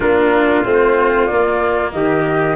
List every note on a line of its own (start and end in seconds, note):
0.00 0.63 A#3
0.00 0.65 D4
0.00 1.93 F4
0.00 0.64 A#4
0.64 1.30 A3
0.64 1.29 C4
0.64 1.26 C5
1.26 2.56 A#3
1.26 1.93 A#3
1.26 1.90 D5
1.91 2.56 D#3
1.91 2.56 G4
1.91 2.56 D#5